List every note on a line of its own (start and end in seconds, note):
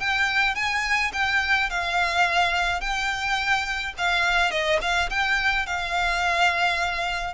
0.00 0.55 G5
0.55 1.12 G#5
1.13 1.70 G5
1.70 2.81 F5
2.81 3.94 G5
3.98 4.51 F5
4.51 4.79 D#5
4.82 5.10 F5
5.10 5.67 G5
5.67 7.35 F5